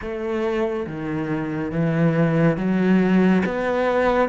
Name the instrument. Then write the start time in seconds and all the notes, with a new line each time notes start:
cello
0.01 A3
0.86 D#3
1.71 E3
2.57 F#3
3.45 B3